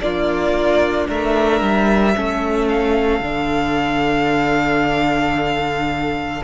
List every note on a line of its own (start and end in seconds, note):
0.00 1.08 A#3
0.00 2.15 D4
0.00 1.08 F4
0.00 1.07 D5
1.08 1.61 A3
1.08 2.15 A#4
1.08 2.68 E5
1.61 2.14 G3
2.15 3.20 A3
2.15 3.22 C#4
2.15 6.44 A4
2.68 6.43 F5
3.20 6.42 D3
3.20 6.44 D4